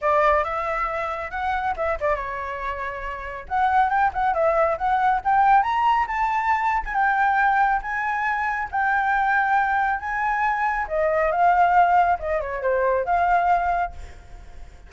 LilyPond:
\new Staff \with { instrumentName = "flute" } { \time 4/4 \tempo 4 = 138 d''4 e''2 fis''4 | e''8 d''8 cis''2. | fis''4 g''8 fis''8 e''4 fis''4 | g''4 ais''4 a''4.~ a''16 gis''16 |
g''2 gis''2 | g''2. gis''4~ | gis''4 dis''4 f''2 | dis''8 cis''8 c''4 f''2 | }